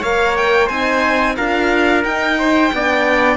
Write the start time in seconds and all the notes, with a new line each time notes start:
0.00 A#3 A#4 C#5 F5
0.36 G5
0.66 C4 D#4 C5 G#5
1.36 D4 F4 A#4 F5
2.04 D#4 G5
2.38 C5
2.73 B3 D4 D5